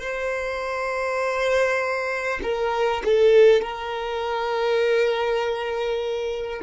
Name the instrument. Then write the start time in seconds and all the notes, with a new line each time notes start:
violin
0.00 C5
2.43 A#4
3.04 A4
3.61 A#4